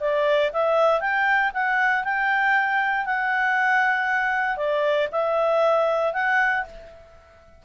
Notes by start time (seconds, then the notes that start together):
0.00 D5
0.53 E5
1.00 G5
1.53 F#5
2.04 G5
3.05 F#5
4.56 D5
5.11 E5
6.13 F#5